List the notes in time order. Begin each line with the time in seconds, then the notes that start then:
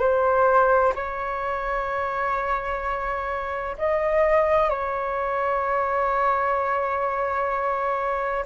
0.00 C5
0.95 C#5
3.78 D#5
4.70 C#5